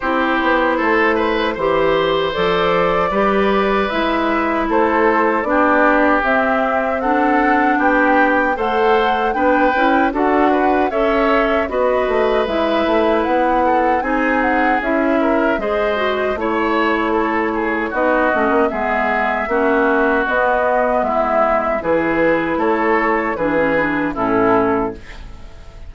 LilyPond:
<<
  \new Staff \with { instrumentName = "flute" } { \time 4/4 \tempo 4 = 77 c''2. d''4~ | d''4 e''4 c''4 d''4 | e''4 fis''4 g''4 fis''4 | g''4 fis''4 e''4 dis''4 |
e''4 fis''4 gis''8 fis''8 e''4 | dis''4 cis''2 dis''4 | e''2 dis''4 e''4 | b'4 cis''4 b'4 a'4 | }
  \new Staff \with { instrumentName = "oboe" } { \time 4/4 g'4 a'8 b'8 c''2 | b'2 a'4 g'4~ | g'4 a'4 g'4 c''4 | b'4 a'8 b'8 cis''4 b'4~ |
b'4. a'8 gis'4. ais'8 | c''4 cis''4 a'8 gis'8 fis'4 | gis'4 fis'2 e'4 | gis'4 a'4 gis'4 e'4 | }
  \new Staff \with { instrumentName = "clarinet" } { \time 4/4 e'2 g'4 a'4 | g'4 e'2 d'4 | c'4 d'2 a'4 | d'8 e'8 fis'4 a'4 fis'4 |
e'2 dis'4 e'4 | gis'8 fis'8 e'2 dis'8 cis'8 | b4 cis'4 b2 | e'2 d'16 cis'16 d'8 cis'4 | }
  \new Staff \with { instrumentName = "bassoon" } { \time 4/4 c'8 b8 a4 e4 f4 | g4 gis4 a4 b4 | c'2 b4 a4 | b8 cis'8 d'4 cis'4 b8 a8 |
gis8 a8 b4 c'4 cis'4 | gis4 a2 b8 a16 ais16 | gis4 ais4 b4 gis4 | e4 a4 e4 a,4 | }
>>